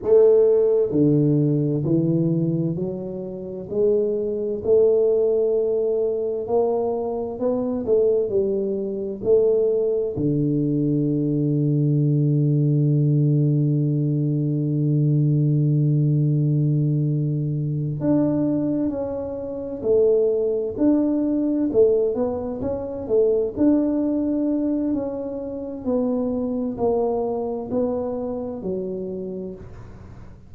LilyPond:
\new Staff \with { instrumentName = "tuba" } { \time 4/4 \tempo 4 = 65 a4 d4 e4 fis4 | gis4 a2 ais4 | b8 a8 g4 a4 d4~ | d1~ |
d2.~ d8 d'8~ | d'8 cis'4 a4 d'4 a8 | b8 cis'8 a8 d'4. cis'4 | b4 ais4 b4 fis4 | }